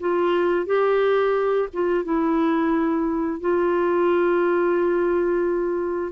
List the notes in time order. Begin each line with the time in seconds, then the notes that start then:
0.00 F4
0.66 G4
1.73 F4
2.04 E4
3.40 F4